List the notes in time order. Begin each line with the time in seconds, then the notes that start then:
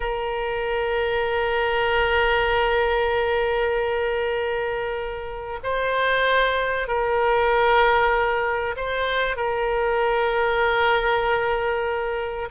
0.00 A#4
5.63 C5
6.87 A#4
8.76 C5
9.36 A#4